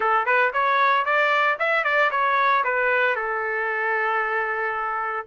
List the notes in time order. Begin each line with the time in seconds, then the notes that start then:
0.00 A4
0.25 B4
0.53 C#5
1.05 D5
1.59 E5
1.84 D5
2.11 C#5
2.64 B4
3.15 A4